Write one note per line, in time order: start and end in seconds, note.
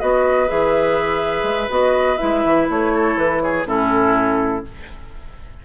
0.00 0.50 B3
0.00 0.48 F#4
0.00 2.94 B4
0.00 0.49 D#5
0.48 1.43 E3
0.48 1.70 G#4
0.48 1.71 E5
1.43 1.68 G#3
1.70 2.19 B3
1.70 2.18 F#4
1.70 2.18 D#5
2.18 2.45 G#3
2.18 3.64 E4
2.18 2.66 E5
2.45 2.69 E3
2.70 3.17 A3
2.70 3.18 C#5
2.94 3.43 A4
3.17 3.66 E3
3.17 3.42 B4
3.42 3.68 G#4
3.42 3.66 C#5
3.66 4.64 A2
3.66 4.64 C#4
3.66 4.66 E4
3.66 4.66 A4